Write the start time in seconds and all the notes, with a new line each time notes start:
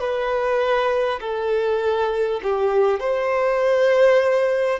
0.00 B4
1.21 A4
2.43 G4
3.00 C5